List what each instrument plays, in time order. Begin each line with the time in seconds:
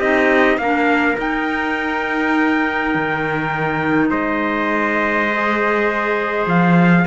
0.00 cello C4, clarinet D#4, trumpet G4 D#5
0.58 cello A#3, trumpet A#4 F5
0.64 clarinet D4
1.17 clarinet D#4, cello D#4, trumpet G5
2.95 cello D#3
4.10 cello G#3, trumpet C5 D#5
5.33 clarinet G#4
6.47 cello F3, trumpet F5